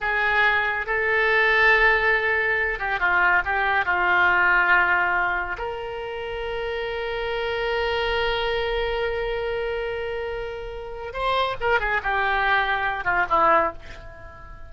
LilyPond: \new Staff \with { instrumentName = "oboe" } { \time 4/4 \tempo 4 = 140 gis'2 a'2~ | a'2~ a'8 g'8 f'4 | g'4 f'2.~ | f'4 ais'2.~ |
ais'1~ | ais'1~ | ais'2 c''4 ais'8 gis'8 | g'2~ g'8 f'8 e'4 | }